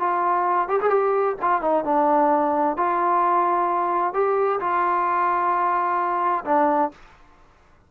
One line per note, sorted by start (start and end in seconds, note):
0.00 0.69 F4
0.69 0.80 G4
0.82 0.90 G#4
0.90 1.37 G4
1.42 1.62 F4
1.62 1.85 D#4
1.85 2.77 D4
2.77 4.14 F4
4.14 4.60 G4
4.60 6.45 F4
6.45 6.91 D4